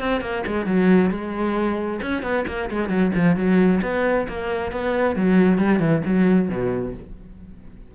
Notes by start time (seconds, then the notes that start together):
0.00 C4
0.21 A#3
0.47 G#3
0.66 F#3
1.11 G#3
2.02 C#4
2.23 B3
2.48 A#3
2.71 G#3
2.89 F#3
3.15 F3
3.37 F#3
3.82 B3
4.28 A#3
4.72 B3
5.16 F#3
5.58 G3
5.80 E3
6.05 F#3
6.50 B2